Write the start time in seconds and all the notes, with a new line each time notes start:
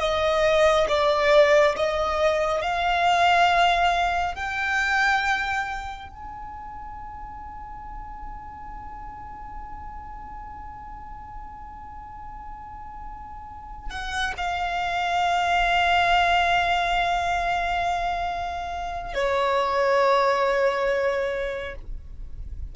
0.00 D#5
0.89 D5
1.77 D#5
2.62 F5
4.36 G5
6.09 G#5
13.91 F#5
14.38 F5
19.15 C#5